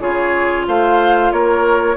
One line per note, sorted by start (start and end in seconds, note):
0.00 0.66 C#3
0.00 1.96 F4
0.00 0.66 G#4
0.00 0.65 C#5
0.67 1.32 A3
0.67 1.33 C5
0.67 1.32 F5
1.32 1.97 A#3
1.32 1.97 A#4
1.32 1.97 C#5